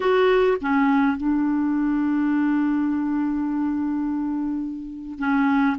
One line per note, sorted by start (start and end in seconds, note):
0.00 0.57 F#4
0.61 1.17 C#4
1.17 5.18 D4
5.18 5.76 C#4